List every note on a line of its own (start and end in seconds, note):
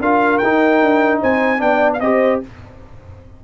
0.00 0.40 D4
0.00 0.42 F4
0.00 1.21 A#4
0.00 0.38 F5
0.38 0.82 D#4
0.38 1.58 D#4
0.38 1.19 G5
0.82 1.22 D4
1.21 1.61 C4
1.21 1.61 C5
1.21 1.61 G#5
1.58 2.00 B3
1.58 1.98 D4
1.58 2.03 D5
1.58 1.91 G5
1.93 2.00 F5
2.00 2.41 C4
2.00 2.43 G4
2.00 2.44 C5
2.00 2.40 D#5